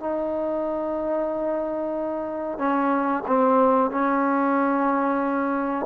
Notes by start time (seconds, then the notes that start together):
0.00 D#4
2.58 C#4
3.27 C4
3.91 C#4